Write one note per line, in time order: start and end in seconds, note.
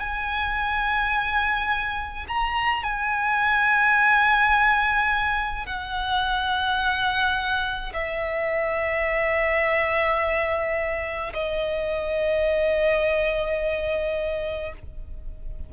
0.00 2.26 G#5
2.28 2.84 A#5
2.84 5.67 G#5
5.67 7.93 F#5
7.93 11.33 E5
11.34 14.73 D#5